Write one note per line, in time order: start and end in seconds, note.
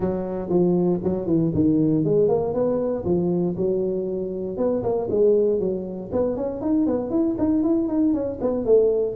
0.00 0.49 F#3
0.49 1.00 F3
1.03 1.26 F#3
1.26 1.51 E3
1.54 2.04 D#3
2.04 2.28 G#3
2.28 2.53 A#3
2.53 3.04 B3
3.04 3.55 F3
3.56 4.57 F#3
4.57 4.82 B3
4.83 5.08 A#3
5.10 5.59 G#3
5.59 6.10 F#3
6.12 6.36 B3
6.36 6.61 C#4
6.61 6.86 D#4
6.86 7.10 B3
7.10 7.36 E4
7.38 7.63 D#4
7.63 7.88 E4
7.88 8.13 D#4
8.13 8.39 C#4
8.41 8.65 B3
8.65 9.16 A3